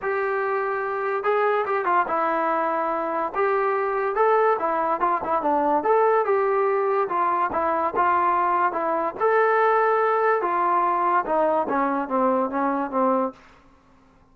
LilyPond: \new Staff \with { instrumentName = "trombone" } { \time 4/4 \tempo 4 = 144 g'2. gis'4 | g'8 f'8 e'2. | g'2 a'4 e'4 | f'8 e'8 d'4 a'4 g'4~ |
g'4 f'4 e'4 f'4~ | f'4 e'4 a'2~ | a'4 f'2 dis'4 | cis'4 c'4 cis'4 c'4 | }